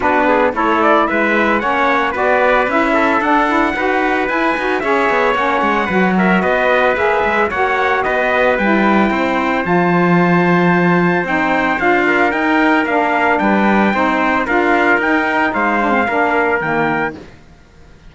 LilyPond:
<<
  \new Staff \with { instrumentName = "trumpet" } { \time 4/4 \tempo 4 = 112 b'4 cis''8 d''8 e''4 fis''4 | d''4 e''4 fis''2 | gis''4 e''4 fis''4. e''8 | dis''4 e''4 fis''4 dis''4 |
g''2 a''2~ | a''4 g''4 f''4 g''4 | f''4 g''2 f''4 | g''4 f''2 g''4 | }
  \new Staff \with { instrumentName = "trumpet" } { \time 4/4 fis'8 gis'8 a'4 b'4 cis''4 | b'4. a'4. b'4~ | b'4 cis''2 b'8 ais'8 | b'2 cis''4 b'4~ |
b'4 c''2.~ | c''2~ c''8 ais'4.~ | ais'4 b'4 c''4 ais'4~ | ais'4 c''4 ais'2 | }
  \new Staff \with { instrumentName = "saxophone" } { \time 4/4 d'4 e'2 cis'4 | fis'4 e'4 d'8 e'8 fis'4 | e'8 fis'8 gis'4 cis'4 fis'4~ | fis'4 gis'4 fis'2 |
e'2 f'2~ | f'4 dis'4 f'4 dis'4 | d'2 dis'4 f'4 | dis'4. d'16 c'16 d'4 ais4 | }
  \new Staff \with { instrumentName = "cello" } { \time 4/4 b4 a4 gis4 ais4 | b4 cis'4 d'4 dis'4 | e'8 dis'8 cis'8 b8 ais8 gis8 fis4 | b4 ais8 gis8 ais4 b4 |
g4 c'4 f2~ | f4 c'4 d'4 dis'4 | ais4 g4 c'4 d'4 | dis'4 gis4 ais4 dis4 | }
>>